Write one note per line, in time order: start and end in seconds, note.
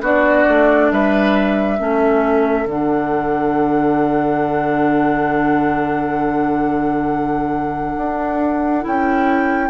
0.00 0.44 B3
0.00 1.78 D4
0.00 0.90 F#4
0.00 0.91 D5
0.47 0.91 A3
0.91 1.79 G3
0.91 1.79 B4
0.91 2.68 E5
1.78 2.65 A3
1.78 2.66 C#4
1.78 9.69 A4
2.65 7.95 D3
2.65 8.81 D4
2.65 8.86 F#5
7.96 8.85 D4
8.81 9.69 C#4
8.81 9.69 E4
8.81 9.69 G5